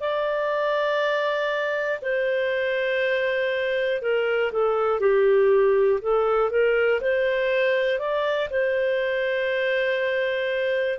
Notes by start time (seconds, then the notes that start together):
0.00 D5
2.01 C5
4.01 A#4
4.51 A4
5.00 G4
6.01 A4
6.50 A#4
7.00 C5
7.98 D5
8.50 C5